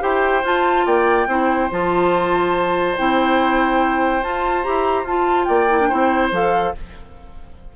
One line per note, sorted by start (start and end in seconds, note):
0.00 0.44 E4
0.00 0.42 G4
0.00 0.86 C5
0.00 0.45 G5
0.44 0.86 F4
0.44 1.28 F4
0.44 0.87 A5
0.86 1.27 A#3
0.86 1.28 D5
0.86 1.71 G5
1.27 1.69 C4
1.27 1.70 E4
1.27 5.48 C5
1.71 2.97 F3
1.71 2.97 F4
1.71 2.98 A5
2.97 4.24 C4
2.97 4.23 E4
2.97 4.24 G5
4.23 4.64 F4
4.23 4.66 F4
4.23 4.63 A5
4.63 5.04 E4
4.63 5.06 G4
4.63 5.05 A#5
5.04 5.46 F4
5.04 5.70 F4
5.04 5.45 A5
5.45 5.91 A#3
5.45 5.89 D5
5.45 6.29 G5
5.70 5.80 E4
5.80 5.91 D4
5.89 6.32 C4
5.89 6.33 E4
5.89 6.73 C5
6.32 6.74 F3
6.32 6.75 A4
6.32 6.77 F5